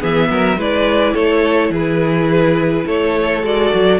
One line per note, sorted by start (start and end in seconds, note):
0.00 0.31 E3
0.00 0.57 B3
0.00 0.29 G#4
0.00 0.60 E5
0.30 0.57 F#3
0.30 0.58 A#4
0.57 1.14 G#3
0.57 3.43 E4
0.57 1.13 B4
0.57 1.15 D5
1.13 1.70 A3
1.13 1.70 A4
1.13 1.72 C#5
1.70 2.84 E3
1.70 2.86 G#4
1.70 2.88 B4
2.86 3.43 A3
2.86 4.00 A4
2.86 3.45 C#5
3.43 3.72 G#3
3.43 4.00 F#4
3.43 4.00 D5
3.74 4.00 F#3